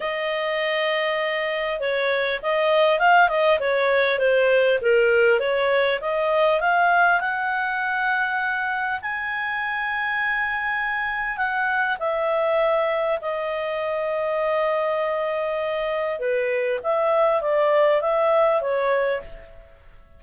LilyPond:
\new Staff \with { instrumentName = "clarinet" } { \time 4/4 \tempo 4 = 100 dis''2. cis''4 | dis''4 f''8 dis''8 cis''4 c''4 | ais'4 cis''4 dis''4 f''4 | fis''2. gis''4~ |
gis''2. fis''4 | e''2 dis''2~ | dis''2. b'4 | e''4 d''4 e''4 cis''4 | }